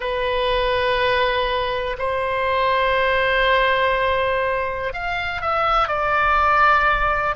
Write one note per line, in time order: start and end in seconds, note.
0.00 1.96 B4
1.98 4.93 C5
4.93 5.41 F5
5.41 5.87 E5
5.87 7.35 D5